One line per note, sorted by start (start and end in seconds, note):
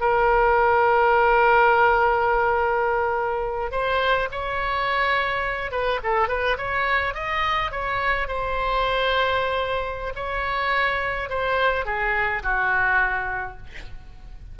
0.00 3.71 A#4
3.71 4.28 C5
4.31 5.71 C#5
5.71 5.99 B4
6.03 6.28 A4
6.28 6.57 B4
6.57 7.14 C#5
7.14 7.71 D#5
7.71 8.28 C#5
8.28 10.13 C5
10.15 11.29 C#5
11.29 11.85 C5
11.85 12.42 G#4
12.43 13.57 F#4